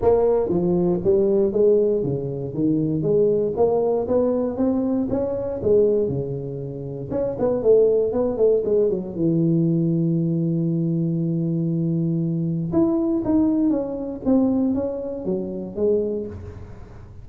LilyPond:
\new Staff \with { instrumentName = "tuba" } { \time 4/4 \tempo 4 = 118 ais4 f4 g4 gis4 | cis4 dis4 gis4 ais4 | b4 c'4 cis'4 gis4 | cis2 cis'8 b8 a4 |
b8 a8 gis8 fis8 e2~ | e1~ | e4 e'4 dis'4 cis'4 | c'4 cis'4 fis4 gis4 | }